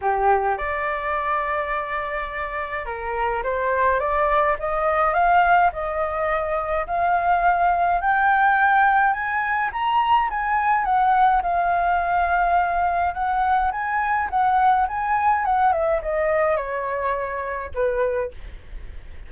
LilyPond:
\new Staff \with { instrumentName = "flute" } { \time 4/4 \tempo 4 = 105 g'4 d''2.~ | d''4 ais'4 c''4 d''4 | dis''4 f''4 dis''2 | f''2 g''2 |
gis''4 ais''4 gis''4 fis''4 | f''2. fis''4 | gis''4 fis''4 gis''4 fis''8 e''8 | dis''4 cis''2 b'4 | }